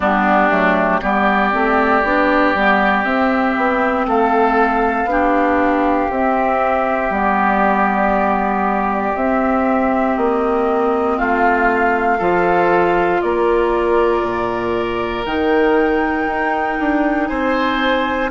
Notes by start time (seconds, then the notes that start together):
0.00 G3 B3 D4 G4
0.50 F#3 A3
1.01 G3 B3 G4 D5
1.51 A3 C4
2.03 B3 D4
2.54 G3 B3
3.04 C4 E5
3.56 B3
4.06 A3 A4 F5
5.04 B3 D4
5.10 G4
6.10 C4 E5
7.10 G3 B3 D5
9.15 C4 E5
10.17 A#3 D#5
11.17 A3 F4 F5
12.18 F3 F4 A4
13.21 A#3 A#4 D5
14.21 A#2
15.25 D#3 D#4 G5
16.27 D#4
16.79 D4
17.27 C4 C5 G#5